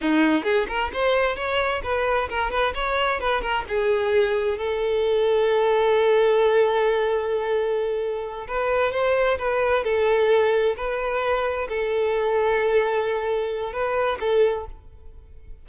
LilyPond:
\new Staff \with { instrumentName = "violin" } { \time 4/4 \tempo 4 = 131 dis'4 gis'8 ais'8 c''4 cis''4 | b'4 ais'8 b'8 cis''4 b'8 ais'8 | gis'2 a'2~ | a'1~ |
a'2~ a'8 b'4 c''8~ | c''8 b'4 a'2 b'8~ | b'4. a'2~ a'8~ | a'2 b'4 a'4 | }